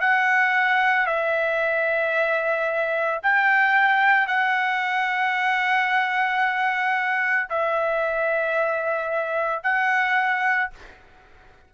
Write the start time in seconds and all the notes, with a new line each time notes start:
0.00 F#5
1.07 E5
3.23 G5
4.27 F#5
7.50 E5
9.63 F#5